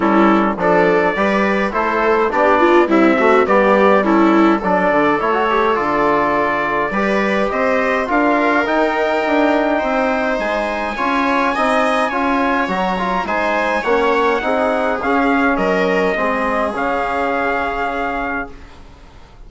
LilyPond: <<
  \new Staff \with { instrumentName = "trumpet" } { \time 4/4 \tempo 4 = 104 a'4 d''2 c''4 | d''4 e''4 d''4 a'4 | d''4 cis''4 d''2~ | d''4 dis''4 f''4 g''4~ |
g''2 gis''2~ | gis''2 ais''4 gis''4 | fis''2 f''4 dis''4~ | dis''4 f''2. | }
  \new Staff \with { instrumentName = "viola" } { \time 4/4 e'4 a'4 b'4 a'4 | g'8 f'8 e'8 fis'8 g'4 e'4 | a'1 | b'4 c''4 ais'2~ |
ais'4 c''2 cis''4 | dis''4 cis''2 c''4 | cis''4 gis'2 ais'4 | gis'1 | }
  \new Staff \with { instrumentName = "trombone" } { \time 4/4 cis'4 d'4 g'4 e'4 | d'4 g8 a8 b4 cis'4 | d'4 e'16 fis'16 g'8 f'2 | g'2 f'4 dis'4~ |
dis'2. f'4 | dis'4 f'4 fis'8 f'8 dis'4 | cis'4 dis'4 cis'2 | c'4 cis'2. | }
  \new Staff \with { instrumentName = "bassoon" } { \time 4/4 g4 f4 g4 a4 | b4 c'4 g2 | fis8 d8 a4 d2 | g4 c'4 d'4 dis'4 |
d'4 c'4 gis4 cis'4 | c'4 cis'4 fis4 gis4 | ais4 c'4 cis'4 fis4 | gis4 cis2. | }
>>